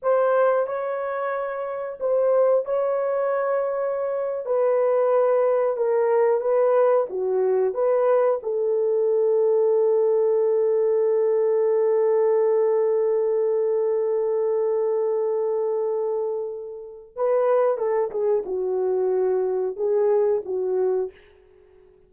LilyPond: \new Staff \with { instrumentName = "horn" } { \time 4/4 \tempo 4 = 91 c''4 cis''2 c''4 | cis''2~ cis''8. b'4~ b'16~ | b'8. ais'4 b'4 fis'4 b'16~ | b'8. a'2.~ a'16~ |
a'1~ | a'1~ | a'2 b'4 a'8 gis'8 | fis'2 gis'4 fis'4 | }